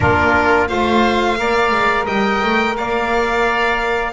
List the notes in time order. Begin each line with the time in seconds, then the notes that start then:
0.00 A#3 D4 F4 A#4
0.67 A3 F4 C5 F5
1.37 A#3 A#4 D5
1.71 G#3
2.05 G3 D#5 G5
2.43 A3
2.76 A#3 D5 F5